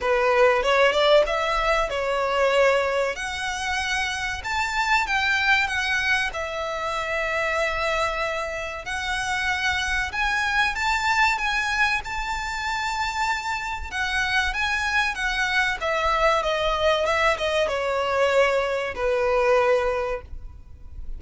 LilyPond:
\new Staff \with { instrumentName = "violin" } { \time 4/4 \tempo 4 = 95 b'4 cis''8 d''8 e''4 cis''4~ | cis''4 fis''2 a''4 | g''4 fis''4 e''2~ | e''2 fis''2 |
gis''4 a''4 gis''4 a''4~ | a''2 fis''4 gis''4 | fis''4 e''4 dis''4 e''8 dis''8 | cis''2 b'2 | }